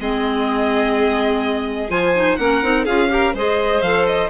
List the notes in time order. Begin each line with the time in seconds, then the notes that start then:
0.00 G#3 C4 G#4 D#5
1.89 F3 F4 C5 G#5
2.15 D#4
2.36 A#3 C#4 A#4 F#5
2.63 C4 D#4
2.85 C#4 F4 G#4 F5
3.09 G4 A#4
3.34 G#3 G#4 C5 D#5
3.82 F3 A4 F5
4.06 D#5